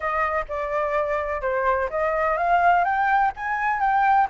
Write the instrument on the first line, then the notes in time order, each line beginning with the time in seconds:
flute
0.00 D#5
0.48 D5
1.41 C5
1.90 D#5
2.37 F5
2.84 G5
3.36 G#5
3.80 G5